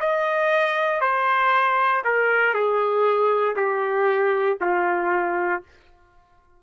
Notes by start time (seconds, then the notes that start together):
0.00 D#5
1.01 C5
2.04 A#4
2.54 G#4
3.56 G4
4.61 F4